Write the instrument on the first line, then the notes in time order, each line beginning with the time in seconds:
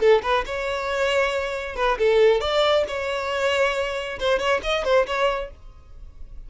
violin
0.00 A4
0.22 B4
0.46 C#5
1.76 B4
1.98 A4
2.41 D5
2.88 C#5
4.19 C5
4.39 C#5
4.63 D#5
4.84 C5
5.06 C#5